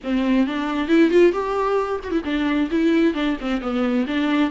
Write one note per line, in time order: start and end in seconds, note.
0.03 0.47 C4
0.47 0.88 D4
0.88 1.10 E4
1.10 1.32 F4
1.32 2.00 G4
2.03 2.11 F#4
2.11 2.22 E4
2.24 2.69 D4
2.70 3.14 E4
3.14 3.36 D4
3.40 3.61 C4
3.61 4.06 B3
4.07 4.50 D4